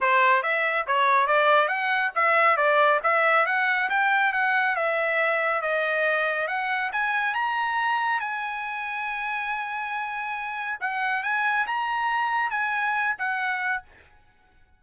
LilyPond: \new Staff \with { instrumentName = "trumpet" } { \time 4/4 \tempo 4 = 139 c''4 e''4 cis''4 d''4 | fis''4 e''4 d''4 e''4 | fis''4 g''4 fis''4 e''4~ | e''4 dis''2 fis''4 |
gis''4 ais''2 gis''4~ | gis''1~ | gis''4 fis''4 gis''4 ais''4~ | ais''4 gis''4. fis''4. | }